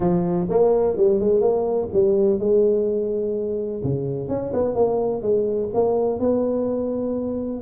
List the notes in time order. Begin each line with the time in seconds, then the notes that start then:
0.00 F3
0.49 A#3
0.96 G3
1.20 G#3
1.40 A#3
1.93 G3
2.39 G#3
3.83 C#3
4.28 C#4
4.53 B3
4.74 A#3
5.21 G#3
5.74 A#3
6.19 B3